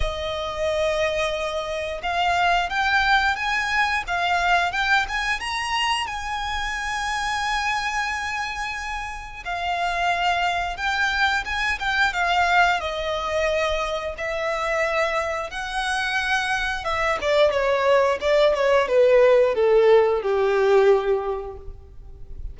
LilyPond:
\new Staff \with { instrumentName = "violin" } { \time 4/4 \tempo 4 = 89 dis''2. f''4 | g''4 gis''4 f''4 g''8 gis''8 | ais''4 gis''2.~ | gis''2 f''2 |
g''4 gis''8 g''8 f''4 dis''4~ | dis''4 e''2 fis''4~ | fis''4 e''8 d''8 cis''4 d''8 cis''8 | b'4 a'4 g'2 | }